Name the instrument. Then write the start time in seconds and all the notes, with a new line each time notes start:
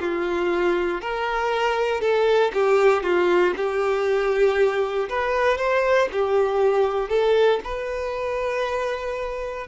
violin
0.00 F4
1.01 A#4
2.01 A4
2.54 G4
3.03 F4
3.56 G4
5.09 B4
5.57 C5
6.12 G4
7.09 A4
7.64 B4